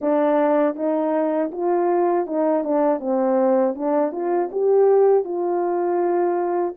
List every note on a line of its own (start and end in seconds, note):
0.01 0.75 D4
0.75 1.50 D#4
1.51 2.26 F4
2.26 2.64 D#4
2.64 2.99 D4
2.99 3.74 C4
3.74 4.11 D4
4.11 4.49 F4
4.51 5.24 G4
5.24 6.74 F4